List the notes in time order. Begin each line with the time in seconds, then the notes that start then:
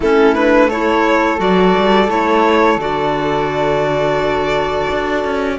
0.00 A3 C#4 E4 A4
0.34 D4 B4
0.67 E4 A4 C#5
1.37 F#3 F#4 D5
1.77 G3
2.08 A3 E4 C#5
2.76 D3 F#4 D5
4.91 D4
5.24 C#4